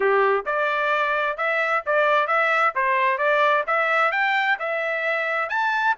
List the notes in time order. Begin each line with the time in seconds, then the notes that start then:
0.00 G4
0.45 D5
1.37 E5
1.86 D5
2.27 E5
2.75 C5
3.18 D5
3.66 E5
4.11 G5
4.59 E5
5.49 A5